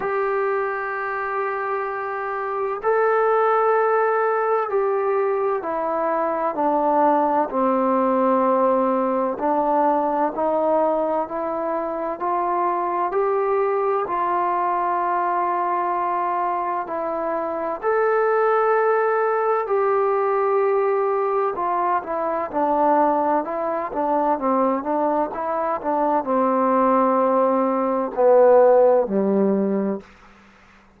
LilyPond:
\new Staff \with { instrumentName = "trombone" } { \time 4/4 \tempo 4 = 64 g'2. a'4~ | a'4 g'4 e'4 d'4 | c'2 d'4 dis'4 | e'4 f'4 g'4 f'4~ |
f'2 e'4 a'4~ | a'4 g'2 f'8 e'8 | d'4 e'8 d'8 c'8 d'8 e'8 d'8 | c'2 b4 g4 | }